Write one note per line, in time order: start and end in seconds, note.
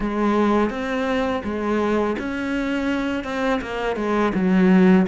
0.00 0.70 G#3
0.70 1.42 C4
1.44 2.16 G#3
2.19 3.24 C#4
3.24 3.60 C4
3.61 3.96 A#3
3.96 4.32 G#3
4.34 5.06 F#3